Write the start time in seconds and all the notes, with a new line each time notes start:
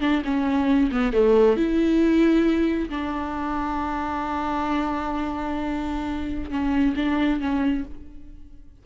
0.00 D4
0.24 C#4
0.91 B3
1.13 A3
1.56 E4
2.89 D4
6.50 C#4
6.96 D4
7.40 C#4